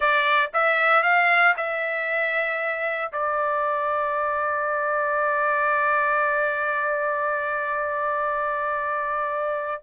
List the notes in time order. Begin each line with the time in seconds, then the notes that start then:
0.00 D5
0.53 E5
1.02 F5
1.57 E5
3.12 D5